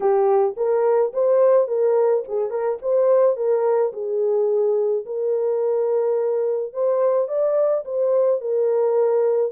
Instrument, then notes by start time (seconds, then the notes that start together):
horn
0.00 G4
0.56 A#4
1.13 C5
1.67 A#4
2.28 G#4
2.50 A#4
2.81 C5
3.36 A#4
3.93 G#4
5.05 A#4
6.73 C5
7.28 D5
7.84 C5
8.40 A#4